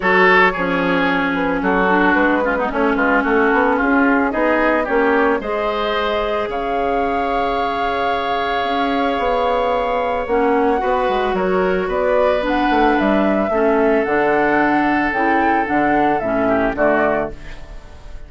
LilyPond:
<<
  \new Staff \with { instrumentName = "flute" } { \time 4/4 \tempo 4 = 111 cis''2~ cis''8 b'8 a'4 | b'4 cis''8 b'8 a'4 gis'4 | dis''4 cis''4 dis''2 | f''1~ |
f''2. fis''4~ | fis''4 cis''4 d''4 fis''4 | e''2 fis''2 | g''4 fis''4 e''4 d''4 | }
  \new Staff \with { instrumentName = "oboe" } { \time 4/4 a'4 gis'2 fis'4~ | fis'8 f'16 dis'16 cis'8 f'8 fis'4 f'4 | gis'4 g'4 c''2 | cis''1~ |
cis''1 | b'4 ais'4 b'2~ | b'4 a'2.~ | a'2~ a'8 g'8 fis'4 | }
  \new Staff \with { instrumentName = "clarinet" } { \time 4/4 fis'4 cis'2~ cis'8 d'8~ | d'8 cis'16 b16 cis'2. | dis'4 cis'4 gis'2~ | gis'1~ |
gis'2. cis'4 | fis'2. d'4~ | d'4 cis'4 d'2 | e'4 d'4 cis'4 a4 | }
  \new Staff \with { instrumentName = "bassoon" } { \time 4/4 fis4 f2 fis4 | gis4 a8 gis8 a8 b8 cis'4 | b4 ais4 gis2 | cis1 |
cis'4 b2 ais4 | b8 gis8 fis4 b4. a8 | g4 a4 d2 | cis4 d4 a,4 d4 | }
>>